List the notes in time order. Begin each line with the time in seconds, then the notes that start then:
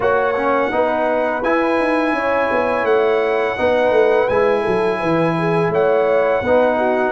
0.00 A#3 F#4 C#5 F#5
0.35 C#4
0.71 B3 D#4 B4
1.43 E4 G#5
1.79 D#4
2.12 C#4 C#5
2.51 B3
2.83 A3 F#5
3.57 B3 D#4 B4
3.90 A3
4.28 G#3 E4 G#5
4.61 F#3 A4
4.99 E3 B4
5.38 G#4
5.69 A3 C#5 F#5
6.41 B3 D#4 B4
6.77 F#4